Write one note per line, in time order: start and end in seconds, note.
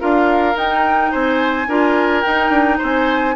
0.00 0.55 D4
0.00 0.55 F4
0.00 1.12 A#4
0.00 0.57 F5
0.55 1.67 D#4
0.55 1.12 D#4
0.55 1.12 G5
1.12 1.68 C4
1.12 1.68 C5
1.12 2.22 G#5
1.68 2.24 D4
1.68 2.26 F4
1.68 2.78 A#4
2.22 3.36 D#4
2.22 2.50 D#4
2.22 2.78 G5
2.50 2.78 D4
2.78 3.36 C4
2.78 3.34 C5
2.85 3.36 G#5